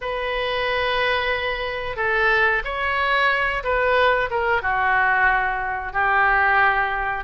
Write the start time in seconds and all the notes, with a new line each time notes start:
0.01 B4
1.96 A4
2.64 C#5
3.63 B4
4.30 A#4
4.62 F#4
5.93 G4